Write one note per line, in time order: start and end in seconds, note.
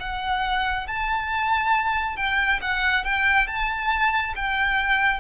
0.00 0.87 F#5
0.87 2.16 A5
2.16 2.60 G5
2.62 3.04 F#5
3.04 3.47 G5
3.47 4.34 A5
4.36 5.20 G5